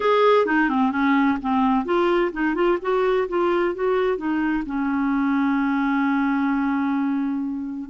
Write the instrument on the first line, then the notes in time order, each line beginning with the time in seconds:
clarinet
0.00 G#4
0.46 D#4
0.69 C4
0.91 C#4
1.41 C4
1.85 F4
2.32 D#4
2.54 F4
2.81 F#4
3.28 F4
3.74 F#4
4.17 D#4
4.66 C#4